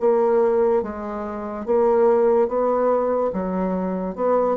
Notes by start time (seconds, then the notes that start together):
0.00 A#3
0.82 G#3
1.66 A#3
2.48 B3
3.33 F#3
4.15 B3